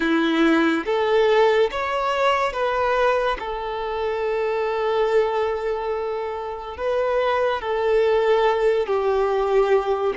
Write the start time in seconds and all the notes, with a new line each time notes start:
0.00 E4
0.85 A4
1.71 C#5
2.52 B4
3.39 A4
6.77 B4
7.61 A4
8.87 G4